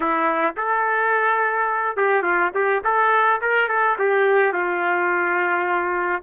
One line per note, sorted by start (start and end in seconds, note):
0.00 0.55 E4
0.56 1.96 A4
1.96 2.22 G4
2.22 2.50 F4
2.54 2.82 G4
2.84 3.40 A4
3.41 3.68 A#4
3.68 3.96 A4
3.98 4.53 G4
4.53 6.22 F4